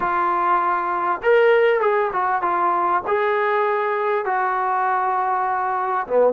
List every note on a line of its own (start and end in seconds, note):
0.00 1.21 F4
1.22 1.80 A#4
1.80 2.10 G#4
2.12 2.42 F#4
2.42 3.02 F4
3.07 4.25 G#4
4.25 6.07 F#4
6.07 6.33 B3